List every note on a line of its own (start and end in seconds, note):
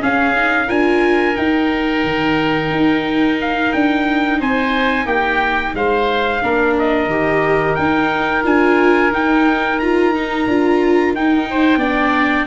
0.00 0.34 C#4
0.00 0.70 C#4
0.00 0.67 G#4
0.00 0.69 F5
0.36 0.68 D#4
0.67 1.37 D4
0.67 1.35 F4
0.67 4.38 A#4
0.67 1.36 G#5
1.35 6.40 D#4
1.35 2.04 D#4
1.35 3.38 G5
2.04 2.71 D#3
2.71 3.72 D#4
3.40 3.73 F5
3.73 4.41 D4
3.73 4.40 G5
4.40 5.06 C4
4.40 5.06 C5
4.40 5.07 G#5
5.06 5.73 A#3
5.06 5.73 G4
5.06 5.75 G5
5.74 6.42 G#3
5.74 6.43 C5
5.74 6.77 F5
6.42 7.06 A#3
6.42 7.09 D4
6.42 11.49 A#4
6.79 7.75 D#5
7.06 7.73 D#3
7.06 7.77 G4
7.75 8.44 D#4
7.75 8.45 D#4
7.75 8.43 G5
8.44 9.12 D4
8.44 9.11 F4
8.44 9.13 G#5
9.12 10.47 D#4
9.12 9.80 D#4
9.12 9.79 G5
9.79 10.14 F4
9.79 11.14 A#5
10.14 10.48 D#4
10.47 11.13 D4
10.47 11.16 F4
11.13 11.77 D#4
11.13 11.80 D#4
11.13 12.46 G5
11.50 11.79 C5
11.77 12.44 B3
11.77 12.46 D4
11.77 12.46 D5